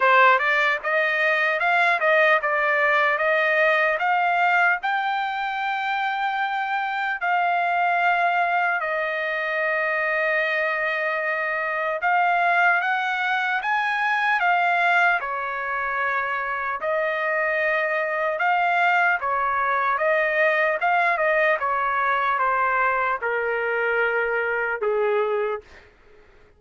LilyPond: \new Staff \with { instrumentName = "trumpet" } { \time 4/4 \tempo 4 = 75 c''8 d''8 dis''4 f''8 dis''8 d''4 | dis''4 f''4 g''2~ | g''4 f''2 dis''4~ | dis''2. f''4 |
fis''4 gis''4 f''4 cis''4~ | cis''4 dis''2 f''4 | cis''4 dis''4 f''8 dis''8 cis''4 | c''4 ais'2 gis'4 | }